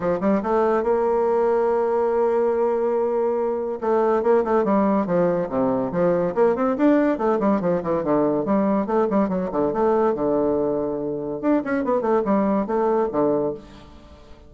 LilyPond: \new Staff \with { instrumentName = "bassoon" } { \time 4/4 \tempo 4 = 142 f8 g8 a4 ais2~ | ais1~ | ais4 a4 ais8 a8 g4 | f4 c4 f4 ais8 c'8 |
d'4 a8 g8 f8 e8 d4 | g4 a8 g8 fis8 d8 a4 | d2. d'8 cis'8 | b8 a8 g4 a4 d4 | }